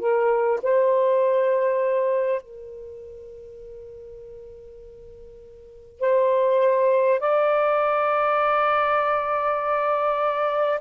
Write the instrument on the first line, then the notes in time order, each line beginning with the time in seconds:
saxophone
0.00 A#4
0.63 C5
2.42 A#4
6.00 C5
7.20 D5